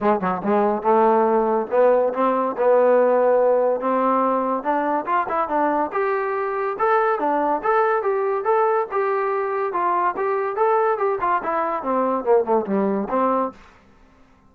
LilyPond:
\new Staff \with { instrumentName = "trombone" } { \time 4/4 \tempo 4 = 142 gis8 fis8 gis4 a2 | b4 c'4 b2~ | b4 c'2 d'4 | f'8 e'8 d'4 g'2 |
a'4 d'4 a'4 g'4 | a'4 g'2 f'4 | g'4 a'4 g'8 f'8 e'4 | c'4 ais8 a8 g4 c'4 | }